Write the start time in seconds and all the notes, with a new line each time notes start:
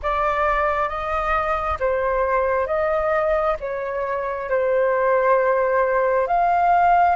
0.02 D5
0.88 D#5
1.79 C5
2.66 D#5
3.60 C#5
4.49 C5
6.27 F5